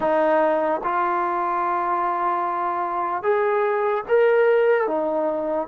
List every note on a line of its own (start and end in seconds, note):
0.00 0.81 D#4
0.83 3.22 F4
3.22 4.04 G#4
4.08 4.87 A#4
4.87 5.67 D#4